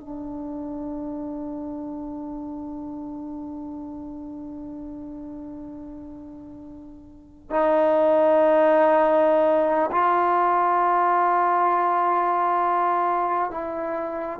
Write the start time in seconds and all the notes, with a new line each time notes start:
0.00 D4
7.50 D#4
9.92 F4
13.51 E4